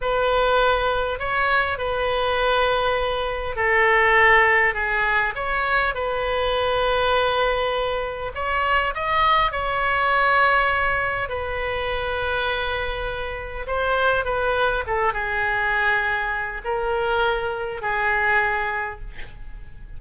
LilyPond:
\new Staff \with { instrumentName = "oboe" } { \time 4/4 \tempo 4 = 101 b'2 cis''4 b'4~ | b'2 a'2 | gis'4 cis''4 b'2~ | b'2 cis''4 dis''4 |
cis''2. b'4~ | b'2. c''4 | b'4 a'8 gis'2~ gis'8 | ais'2 gis'2 | }